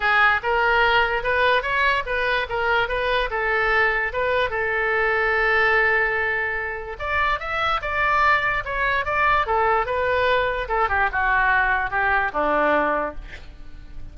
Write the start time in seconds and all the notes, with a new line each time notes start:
0.00 G#4
0.42 A#4
1.23 B4
1.62 C#5
2.05 B4
2.49 A#4
2.88 B4
3.30 A4
4.13 B4
4.50 A4
6.99 D5
7.39 E5
7.81 D5
8.65 C#5
9.05 D5
9.46 A4
9.86 B4
10.68 A4
10.88 G4
11.12 F#4
11.90 G4
12.32 D4